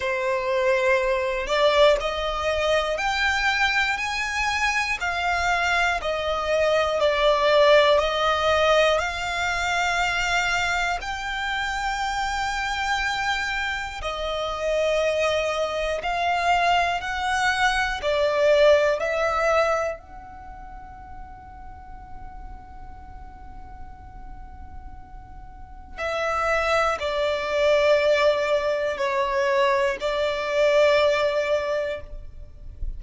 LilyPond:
\new Staff \with { instrumentName = "violin" } { \time 4/4 \tempo 4 = 60 c''4. d''8 dis''4 g''4 | gis''4 f''4 dis''4 d''4 | dis''4 f''2 g''4~ | g''2 dis''2 |
f''4 fis''4 d''4 e''4 | fis''1~ | fis''2 e''4 d''4~ | d''4 cis''4 d''2 | }